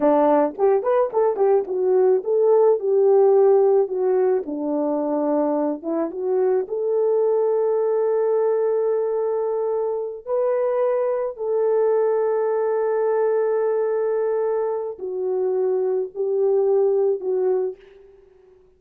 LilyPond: \new Staff \with { instrumentName = "horn" } { \time 4/4 \tempo 4 = 108 d'4 g'8 b'8 a'8 g'8 fis'4 | a'4 g'2 fis'4 | d'2~ d'8 e'8 fis'4 | a'1~ |
a'2~ a'8 b'4.~ | b'8 a'2.~ a'8~ | a'2. fis'4~ | fis'4 g'2 fis'4 | }